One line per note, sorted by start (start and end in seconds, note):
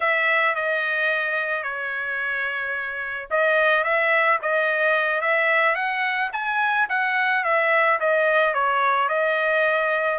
0.00 0.55 E5
0.55 1.63 D#5
1.63 3.28 C#5
3.30 3.84 D#5
3.84 4.39 E5
4.42 5.21 D#5
5.21 5.75 E5
5.75 6.30 F#5
6.33 6.88 G#5
6.89 7.44 F#5
7.44 7.99 E5
7.99 8.54 D#5
8.54 9.08 C#5
9.08 10.18 D#5